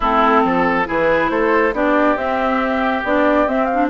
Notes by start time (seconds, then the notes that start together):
0.00 A3 C4 E4 A4
0.43 F3 A4
0.85 E3 E4 G#4 B4
1.30 A3 A4 C5
1.73 B3 D4 G4 D5
2.15 C4 E5
3.04 B3 D4 D5
3.47 C4 E5
3.65 F5
3.73 D4